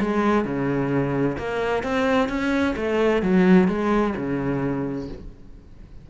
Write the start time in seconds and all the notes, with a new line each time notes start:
0.00 G#3
0.45 C#3
1.38 A#3
1.83 C4
2.28 C#4
2.76 A3
3.22 F#3
3.68 G#3
4.16 C#3